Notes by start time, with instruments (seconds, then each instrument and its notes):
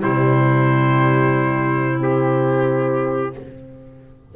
0.00 double bass C3, horn G3, clarinet E4, trumpet C5
1.98 horn C4, trumpet G4